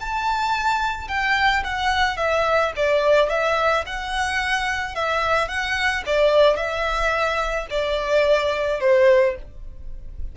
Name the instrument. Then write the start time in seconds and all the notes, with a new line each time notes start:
violin
0.00 A5
1.08 G5
1.64 F#5
2.17 E5
2.76 D5
3.30 E5
3.86 F#5
4.95 E5
5.48 F#5
6.06 D5
6.57 E5
7.70 D5
8.80 C5